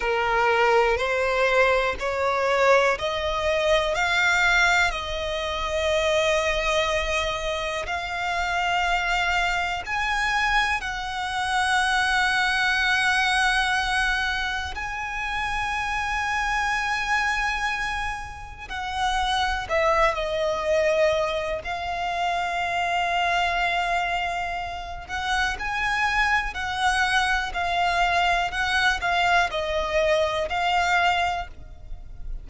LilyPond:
\new Staff \with { instrumentName = "violin" } { \time 4/4 \tempo 4 = 61 ais'4 c''4 cis''4 dis''4 | f''4 dis''2. | f''2 gis''4 fis''4~ | fis''2. gis''4~ |
gis''2. fis''4 | e''8 dis''4. f''2~ | f''4. fis''8 gis''4 fis''4 | f''4 fis''8 f''8 dis''4 f''4 | }